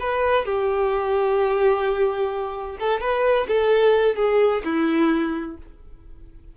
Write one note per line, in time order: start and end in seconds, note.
0.00 0.45 B4
0.45 2.78 G4
2.79 3.00 A4
3.00 3.47 B4
3.48 4.16 A4
4.16 4.62 G#4
4.64 5.58 E4